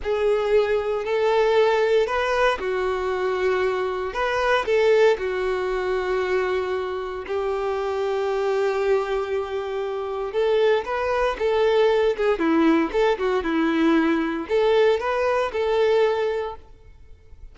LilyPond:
\new Staff \with { instrumentName = "violin" } { \time 4/4 \tempo 4 = 116 gis'2 a'2 | b'4 fis'2. | b'4 a'4 fis'2~ | fis'2 g'2~ |
g'1 | a'4 b'4 a'4. gis'8 | e'4 a'8 fis'8 e'2 | a'4 b'4 a'2 | }